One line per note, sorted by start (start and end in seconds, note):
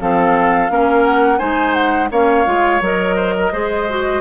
0.00 0.70 F3
0.00 0.70 C4
0.00 0.72 A4
0.00 1.05 F5
0.70 1.40 A#3
0.70 1.39 C#4
0.70 1.39 A#4
1.05 1.39 F#5
1.39 2.11 G#3
1.39 2.10 D#4
1.39 2.09 C5
1.39 1.74 G#5
1.74 2.09 F#5
2.11 2.47 A#3
2.11 2.46 C#4
2.11 3.16 C#5
2.11 2.83 F5
2.46 2.81 G#3
2.46 2.81 F4
2.81 3.52 F#3
2.81 3.53 A#4
2.81 4.21 D#5
3.16 3.34 C5
3.39 3.53 A#4
3.53 4.21 G#3
3.53 3.88 G#4
3.53 4.21 C5
3.90 4.21 F#4